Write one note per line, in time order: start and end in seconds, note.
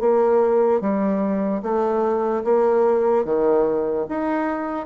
0.00 0.81 A#3
0.81 1.62 G3
1.63 2.44 A3
2.44 3.25 A#3
3.25 4.06 D#3
4.09 4.86 D#4